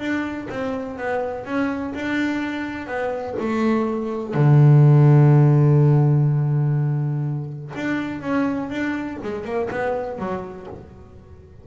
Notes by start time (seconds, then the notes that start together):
0.00 D4
0.50 C4
0.98 B3
1.46 C#4
1.95 D4
2.87 B3
3.40 A3
4.35 D3
7.76 D4
8.22 C#4
8.70 D4
9.23 G#3
9.45 A#3
9.71 B3
10.19 F#3